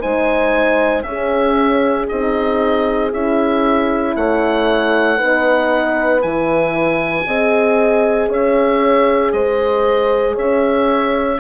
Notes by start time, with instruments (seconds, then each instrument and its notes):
0.00 bassoon G#3, horn D#4 C5, oboe G#5
1.03 bassoon C#4, horn C#4 G#4, oboe E5
2.09 bassoon C4, horn D#4, oboe D#5
3.12 bassoon C#4, horn E4, oboe E5
4.16 bassoon A3, horn C#5, oboe F#5
5.18 bassoon B3, horn D#4 B4
6.22 bassoon E3, horn E4, oboe G#5
7.27 bassoon C4, horn G#4 D#5
8.29 bassoon C#4, horn C#5, oboe E5
9.32 bassoon G#3, horn C5, oboe D#5
10.35 bassoon C#4, horn C#5, oboe E5